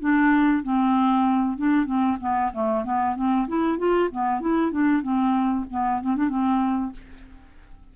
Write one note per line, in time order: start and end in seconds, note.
0.00 0.63 D4
0.63 1.58 C4
1.58 1.86 D4
1.86 2.18 C4
2.20 2.52 B3
2.53 2.84 A3
2.84 3.16 B3
3.16 3.48 C4
3.48 3.78 E4
3.78 4.10 F4
4.11 4.41 B3
4.41 4.72 E4
4.72 5.03 D4
5.03 5.66 C4
5.71 6.02 B3
6.02 6.17 C4
6.17 6.29 D4
6.29 6.92 C4